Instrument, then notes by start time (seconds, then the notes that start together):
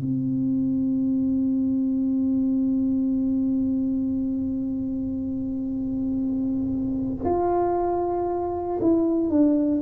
tuba
0.00 C4
7.24 F4
8.81 E4
9.30 D4